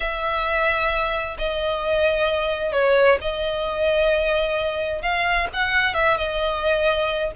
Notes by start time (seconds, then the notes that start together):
0.00 E5
1.38 D#5
2.72 C#5
3.21 D#5
5.02 F5
5.53 F#5
5.94 E5
6.17 D#5